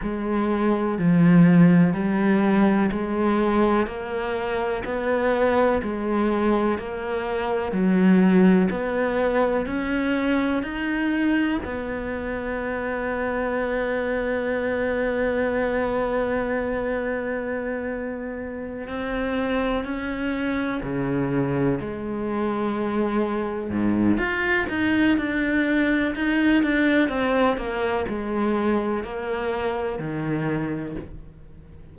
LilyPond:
\new Staff \with { instrumentName = "cello" } { \time 4/4 \tempo 4 = 62 gis4 f4 g4 gis4 | ais4 b4 gis4 ais4 | fis4 b4 cis'4 dis'4 | b1~ |
b2.~ b8 c'8~ | c'8 cis'4 cis4 gis4.~ | gis8 gis,8 f'8 dis'8 d'4 dis'8 d'8 | c'8 ais8 gis4 ais4 dis4 | }